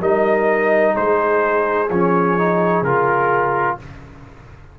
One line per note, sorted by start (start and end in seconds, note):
0.00 0.94 G3
0.00 1.88 D#4
0.00 0.94 A#4
0.00 0.96 D#5
0.94 1.90 G#3
0.94 3.75 G#4
0.94 1.89 C5
1.90 2.81 F3
1.90 2.38 C#4
1.90 2.84 C#5
2.38 2.85 D#4
2.81 3.75 C#3
2.81 3.79 F4
2.81 3.78 A#4